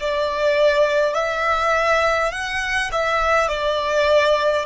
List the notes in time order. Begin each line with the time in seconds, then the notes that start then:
0.00 D5
1.14 E5
2.32 F#5
2.91 E5
3.48 D5